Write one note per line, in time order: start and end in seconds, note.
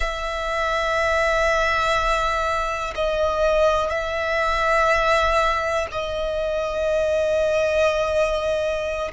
0.00 2.93 E5
2.95 3.89 D#5
3.89 5.86 E5
5.92 9.11 D#5